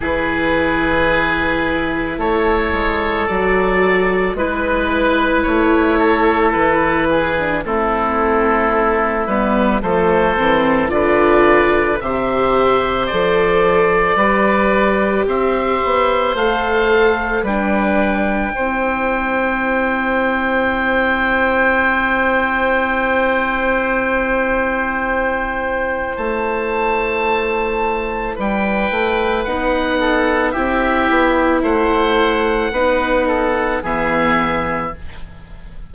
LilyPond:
<<
  \new Staff \with { instrumentName = "oboe" } { \time 4/4 \tempo 4 = 55 b'2 cis''4 d''4 | b'4 cis''4 b'4 a'4~ | a'8 b'8 c''4 d''4 e''4 | d''2 e''4 f''4 |
g''1~ | g''1 | a''2 g''4 fis''4 | e''4 fis''2 e''4 | }
  \new Staff \with { instrumentName = "oboe" } { \time 4/4 gis'2 a'2 | b'4. a'4 gis'8 e'4~ | e'4 a'4 b'4 c''4~ | c''4 b'4 c''2 |
b'4 c''2.~ | c''1~ | c''2 b'4. a'8 | g'4 c''4 b'8 a'8 gis'4 | }
  \new Staff \with { instrumentName = "viola" } { \time 4/4 e'2. fis'4 | e'2~ e'8. d'16 c'4~ | c'8 b8 a8 c'8 f'4 g'4 | a'4 g'2 a'4 |
d'4 e'2.~ | e'1~ | e'2. dis'4 | e'2 dis'4 b4 | }
  \new Staff \with { instrumentName = "bassoon" } { \time 4/4 e2 a8 gis8 fis4 | gis4 a4 e4 a4~ | a8 g8 f8 e8 d4 c4 | f4 g4 c'8 b8 a4 |
g4 c'2.~ | c'1 | a2 g8 a8 b4 | c'8 b8 a4 b4 e4 | }
>>